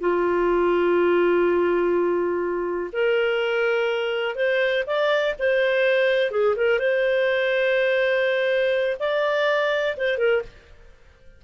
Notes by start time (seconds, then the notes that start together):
0.00 F4
2.92 A#4
4.35 C5
4.86 D5
5.39 C5
6.31 G#4
6.56 A#4
6.79 C5
8.99 D5
9.96 C5
10.17 A#4